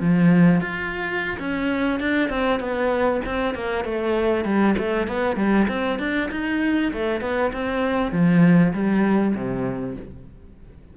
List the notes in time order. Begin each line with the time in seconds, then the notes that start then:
0.00 F3
0.61 F4
1.39 C#4
2.00 D4
2.29 C4
2.60 B3
3.26 C4
3.55 A#3
3.85 A3
4.44 G3
4.78 A3
5.08 B3
5.36 G3
5.68 C4
5.99 D4
6.31 D#4
6.93 A3
7.21 B3
7.53 C4
8.12 F3
8.73 G3
9.35 C3